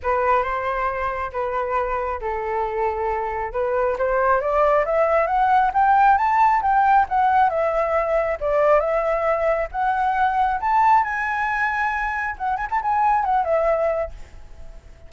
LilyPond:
\new Staff \with { instrumentName = "flute" } { \time 4/4 \tempo 4 = 136 b'4 c''2 b'4~ | b'4 a'2. | b'4 c''4 d''4 e''4 | fis''4 g''4 a''4 g''4 |
fis''4 e''2 d''4 | e''2 fis''2 | a''4 gis''2. | fis''8 gis''16 a''16 gis''4 fis''8 e''4. | }